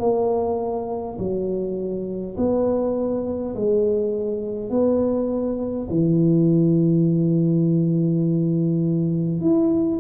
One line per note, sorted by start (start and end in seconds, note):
0.00 1.18 A#3
1.19 2.36 F#3
2.37 3.55 B3
3.56 4.71 G#3
4.71 5.88 B3
5.90 9.41 E3
9.41 10.00 E4